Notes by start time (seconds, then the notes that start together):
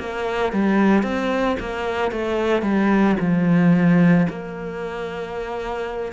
0.00 A#3
0.53 G3
1.04 C4
1.60 A#3
2.12 A3
2.62 G3
3.20 F3
4.30 A#3